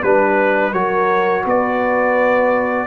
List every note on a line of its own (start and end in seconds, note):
0.00 0.72 G3
0.00 0.74 D4
0.00 0.71 B4
0.00 0.73 B4
0.72 1.44 F#3
0.72 2.87 F#4
0.72 1.44 A#4
0.72 1.44 C#5
1.44 2.87 B3
1.44 2.87 B4
1.44 2.87 D5